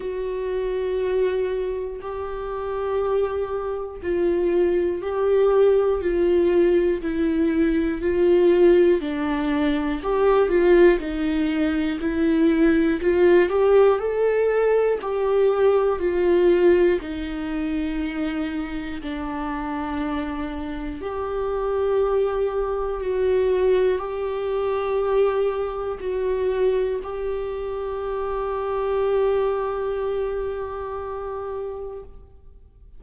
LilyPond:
\new Staff \with { instrumentName = "viola" } { \time 4/4 \tempo 4 = 60 fis'2 g'2 | f'4 g'4 f'4 e'4 | f'4 d'4 g'8 f'8 dis'4 | e'4 f'8 g'8 a'4 g'4 |
f'4 dis'2 d'4~ | d'4 g'2 fis'4 | g'2 fis'4 g'4~ | g'1 | }